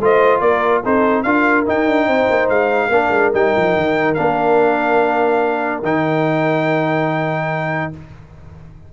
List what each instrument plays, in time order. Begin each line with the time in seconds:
0.00 tuba A3, trombone F4, horn C5, trumpet D#5
0.41 tuba A#3, horn A#4, trumpet D5
0.84 tuba C4, trombone D#4, horn A4, trumpet C5
1.23 tuba D4, trombone F4, horn A#4, trumpet F5
1.66 trombone D#4, tuba D#4, trumpet G5
1.87 tuba D4
2.07 tuba C4, horn C5
2.30 tuba A#3
2.49 tuba G#3, trumpet F5
2.89 tuba A#3, trombone D4, horn A#4
3.11 tuba G#3
3.33 tuba G3, trombone D#4, trumpet G5
3.57 tuba F3
3.76 tuba D#3
4.15 tuba A#3, trombone D4, trumpet F5
5.83 tuba D#3, trombone D#4, trumpet G5